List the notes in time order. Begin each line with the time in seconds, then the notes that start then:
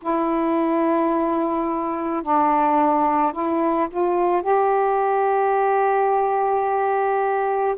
0.02 E4
2.22 D4
3.32 E4
3.90 F4
4.42 G4